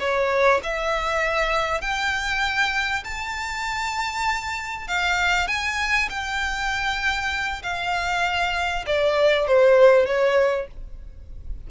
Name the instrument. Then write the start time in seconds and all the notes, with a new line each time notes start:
violin
0.00 C#5
0.64 E5
1.82 G5
3.05 A5
4.88 F5
5.48 G#5
6.10 G5
7.63 F5
8.87 D5
9.48 C5
10.06 C#5